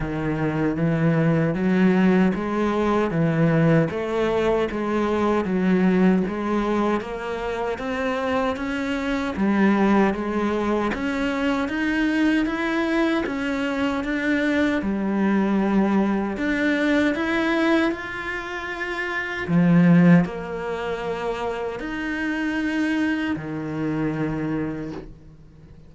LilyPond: \new Staff \with { instrumentName = "cello" } { \time 4/4 \tempo 4 = 77 dis4 e4 fis4 gis4 | e4 a4 gis4 fis4 | gis4 ais4 c'4 cis'4 | g4 gis4 cis'4 dis'4 |
e'4 cis'4 d'4 g4~ | g4 d'4 e'4 f'4~ | f'4 f4 ais2 | dis'2 dis2 | }